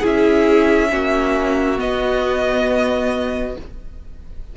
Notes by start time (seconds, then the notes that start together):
0.00 C#4 E4 G#4
0.06 E5
0.89 A#3 C#4 F#4
1.77 B3 D#5